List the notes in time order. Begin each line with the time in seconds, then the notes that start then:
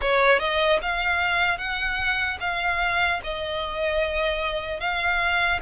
0.01 C#5
0.39 D#5
0.81 F5
1.58 F#5
2.40 F5
3.23 D#5
4.80 F5